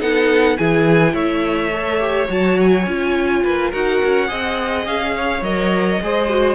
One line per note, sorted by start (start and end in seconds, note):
0.00 0.57 B3
0.00 0.57 D#4
0.00 0.58 A4
0.00 0.57 F#5
0.57 1.14 E3
0.57 1.72 E4
0.57 1.12 G#4
0.57 1.14 G#5
1.12 2.28 A3
1.12 3.41 C#5
1.12 2.29 E5
1.73 1.99 A4
1.99 2.28 G4
2.28 2.86 F#3
2.28 2.85 F#4
2.28 2.59 A5
2.60 3.72 G#5
2.86 3.43 C#4
2.86 3.73 F4
3.43 3.73 A#3
3.43 3.70 B4
3.70 4.02 D#4
3.70 4.28 F#4
3.70 4.28 A#4
3.70 4.86 F#5
4.04 4.30 C#4
4.28 4.86 C4
4.28 5.42 G#4
4.28 5.14 D#5
4.86 5.42 C#4
4.86 5.43 F5
5.16 6.02 C#5
5.42 5.99 F#3
5.42 6.01 A#4
5.42 6.55 D#5
6.02 6.55 G#3
6.02 6.29 G#4
6.02 6.55 C5
6.29 6.55 F#4